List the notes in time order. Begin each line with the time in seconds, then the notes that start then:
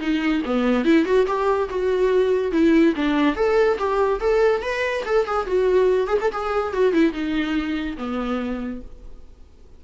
0.00 D#4
0.45 B3
0.84 E4
1.05 F#4
1.26 G4
1.69 F#4
2.52 E4
2.95 D4
3.35 A4
3.78 G4
4.20 A4
4.62 B4
5.05 A4
5.26 G#4
5.46 F#4
6.07 G#4
6.21 A4
6.31 G#4
6.73 F#4
6.93 E4
7.12 D#4
7.97 B3